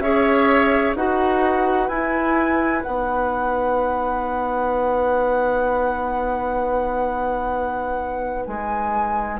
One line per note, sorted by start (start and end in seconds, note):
0.00 0.94 C#4
0.00 0.96 G#4
0.00 0.97 C#5
0.00 0.94 E5
0.96 1.89 D#4
0.96 1.91 F#4
0.96 9.40 B4
0.96 1.89 F#5
1.89 2.83 E4
1.89 2.84 E4
1.89 2.83 G#5
2.83 8.47 B3
2.83 9.40 D#4
2.83 8.46 F#5
8.46 9.40 G#3
8.46 9.40 G#5